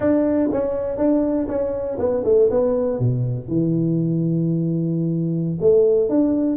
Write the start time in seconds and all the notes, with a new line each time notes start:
0.00 D4
0.52 C#4
0.97 D4
1.47 C#4
1.98 B3
2.24 A3
2.50 B3
2.99 B2
3.47 E3
5.60 A3
6.09 D4